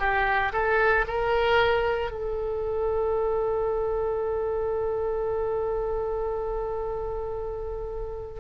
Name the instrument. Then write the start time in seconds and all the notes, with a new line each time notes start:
oboe
0.00 G4
0.53 A4
1.08 A#4
2.11 A4